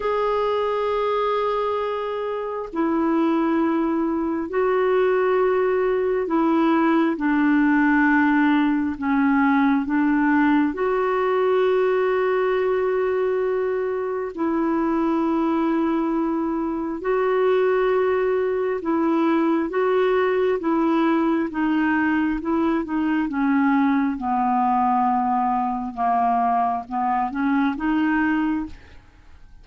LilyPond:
\new Staff \with { instrumentName = "clarinet" } { \time 4/4 \tempo 4 = 67 gis'2. e'4~ | e'4 fis'2 e'4 | d'2 cis'4 d'4 | fis'1 |
e'2. fis'4~ | fis'4 e'4 fis'4 e'4 | dis'4 e'8 dis'8 cis'4 b4~ | b4 ais4 b8 cis'8 dis'4 | }